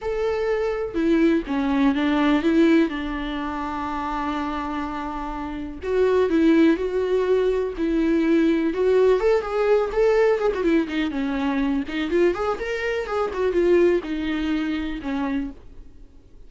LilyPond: \new Staff \with { instrumentName = "viola" } { \time 4/4 \tempo 4 = 124 a'2 e'4 cis'4 | d'4 e'4 d'2~ | d'1 | fis'4 e'4 fis'2 |
e'2 fis'4 a'8 gis'8~ | gis'8 a'4 gis'16 fis'16 e'8 dis'8 cis'4~ | cis'8 dis'8 f'8 gis'8 ais'4 gis'8 fis'8 | f'4 dis'2 cis'4 | }